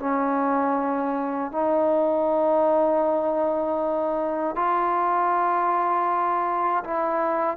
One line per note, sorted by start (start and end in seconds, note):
0.00 1.52 C#4
1.52 4.56 D#4
4.56 6.84 F4
6.84 7.57 E4